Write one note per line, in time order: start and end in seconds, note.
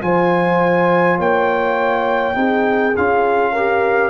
0.00 1.18 F3
0.00 2.34 F4
0.00 1.17 C5
0.00 1.19 G#5
1.17 2.36 A#3
1.17 2.35 C#5
1.17 2.96 G5
2.34 2.94 C4
2.34 2.93 D#4
2.34 3.52 G#4
2.96 4.10 C#4
2.96 3.56 F4
2.96 4.10 F5
3.52 4.10 G4
3.52 4.10 A#4